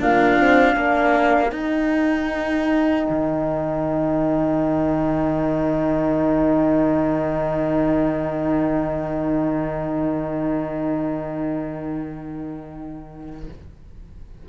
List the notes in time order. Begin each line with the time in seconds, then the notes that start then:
0.00 A#3 D4 F4 F5
0.38 C4
0.73 A#3 D4 A#4
1.50 D#4 G5
3.10 D#3